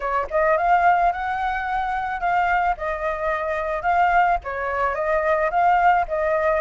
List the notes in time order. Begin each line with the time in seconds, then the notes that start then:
0.00 C#5
0.30 D#5
0.57 F5
1.12 F#5
2.20 F5
2.77 D#5
3.82 F5
4.43 C#5
4.94 D#5
5.50 F5
6.08 D#5